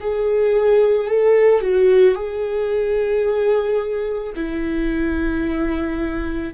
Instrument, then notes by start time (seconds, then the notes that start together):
viola
0.00 G#4
1.08 A4
1.61 F#4
2.15 G#4
4.35 E4